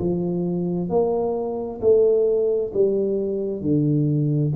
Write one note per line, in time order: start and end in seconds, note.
0.00 0.90 F3
0.90 1.81 A#3
1.81 2.72 A3
2.74 3.62 G3
3.62 4.52 D3